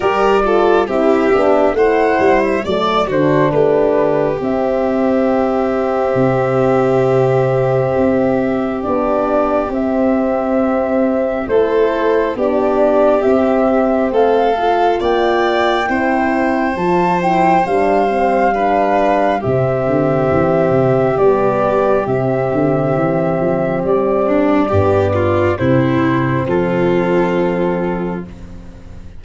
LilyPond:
<<
  \new Staff \with { instrumentName = "flute" } { \time 4/4 \tempo 4 = 68 d''4 e''4 fis''8. e''16 d''8 c''8 | b'4 e''2.~ | e''2 d''4 e''4~ | e''4 c''4 d''4 e''4 |
f''4 g''2 a''8 g''8 | f''2 e''2 | d''4 e''2 d''4~ | d''4 c''4 a'2 | }
  \new Staff \with { instrumentName = "violin" } { \time 4/4 ais'8 a'8 g'4 c''4 d''8 fis'8 | g'1~ | g'1~ | g'4 a'4 g'2 |
a'4 d''4 c''2~ | c''4 b'4 g'2~ | g'2.~ g'8 d'8 | g'8 f'8 e'4 f'2 | }
  \new Staff \with { instrumentName = "horn" } { \time 4/4 g'8 f'8 e'8 d'8 e'4 a8 d'8~ | d'4 c'2.~ | c'2 d'4 c'4~ | c'4 e'4 d'4 c'4~ |
c'8 f'4. e'4 f'8 e'8 | d'8 c'8 d'4 c'2 | b4 c'2. | b4 c'2. | }
  \new Staff \with { instrumentName = "tuba" } { \time 4/4 g4 c'8 b8 a8 g8 fis8 d8 | a4 c'2 c4~ | c4 c'4 b4 c'4~ | c'4 a4 b4 c'4 |
a4 ais4 c'4 f4 | g2 c8 d8 e8 c8 | g4 c8 d8 e8 f8 g4 | g,4 c4 f2 | }
>>